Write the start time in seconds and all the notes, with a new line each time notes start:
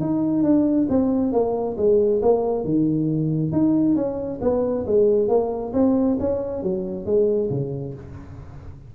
0.00 D#4
0.43 D4
0.89 C4
1.32 A#3
1.77 G#3
2.22 A#3
2.64 D#3
3.52 D#4
3.95 C#4
4.41 B3
4.86 G#3
5.28 A#3
5.73 C4
6.19 C#4
6.63 F#3
7.05 G#3
7.50 C#3